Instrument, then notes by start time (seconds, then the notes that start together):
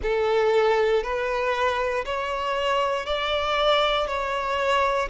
violin
0.02 A4
1.03 B4
2.05 C#5
3.06 D5
4.07 C#5